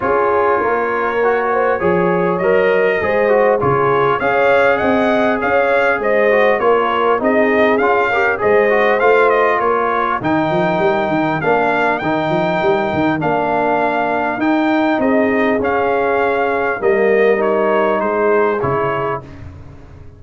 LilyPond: <<
  \new Staff \with { instrumentName = "trumpet" } { \time 4/4 \tempo 4 = 100 cis''1 | dis''2 cis''4 f''4 | fis''4 f''4 dis''4 cis''4 | dis''4 f''4 dis''4 f''8 dis''8 |
cis''4 g''2 f''4 | g''2 f''2 | g''4 dis''4 f''2 | dis''4 cis''4 c''4 cis''4 | }
  \new Staff \with { instrumentName = "horn" } { \time 4/4 gis'4 ais'4. c''8 cis''4~ | cis''4 c''4 gis'4 cis''4 | dis''4 cis''4 c''4 ais'4 | gis'4. ais'8 c''2 |
ais'1~ | ais'1~ | ais'4 gis'2. | ais'2 gis'2 | }
  \new Staff \with { instrumentName = "trombone" } { \time 4/4 f'2 fis'4 gis'4 | ais'4 gis'8 fis'8 f'4 gis'4~ | gis'2~ gis'8 fis'8 f'4 | dis'4 f'8 g'8 gis'8 fis'8 f'4~ |
f'4 dis'2 d'4 | dis'2 d'2 | dis'2 cis'2 | ais4 dis'2 e'4 | }
  \new Staff \with { instrumentName = "tuba" } { \time 4/4 cis'4 ais2 f4 | fis4 gis4 cis4 cis'4 | c'4 cis'4 gis4 ais4 | c'4 cis'4 gis4 a4 |
ais4 dis8 f8 g8 dis8 ais4 | dis8 f8 g8 dis8 ais2 | dis'4 c'4 cis'2 | g2 gis4 cis4 | }
>>